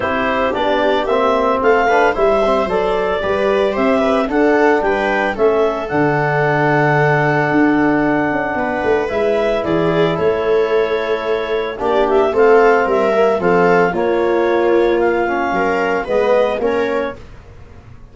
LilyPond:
<<
  \new Staff \with { instrumentName = "clarinet" } { \time 4/4 \tempo 4 = 112 c''4 d''4 e''4 f''4 | e''4 d''2 e''4 | fis''4 g''4 e''4 fis''4~ | fis''1~ |
fis''4 e''4 d''4 cis''4~ | cis''2 d''8 e''8 f''4 | e''4 f''4 cis''2 | f''2 dis''4 cis''4 | }
  \new Staff \with { instrumentName = "viola" } { \time 4/4 g'2. a'8 b'8 | c''2 b'4 c''8 b'8 | a'4 b'4 a'2~ | a'1 |
b'2 gis'4 a'4~ | a'2 g'4 a'4 | ais'4 a'4 f'2~ | f'4 ais'4 b'4 ais'4 | }
  \new Staff \with { instrumentName = "trombone" } { \time 4/4 e'4 d'4 c'4. d'8 | e'8 c'8 a'4 g'2 | d'2 cis'4 d'4~ | d'1~ |
d'4 e'2.~ | e'2 d'4 c'4~ | c'8 ais8 c'4 ais2~ | ais8 cis'4. b4 cis'4 | }
  \new Staff \with { instrumentName = "tuba" } { \time 4/4 c'4 b4 ais4 a4 | g4 fis4 g4 c'4 | d'4 g4 a4 d4~ | d2 d'4. cis'8 |
b8 a8 gis4 e4 a4~ | a2 ais4 a4 | g4 f4 ais2~ | ais4 fis4 gis4 ais4 | }
>>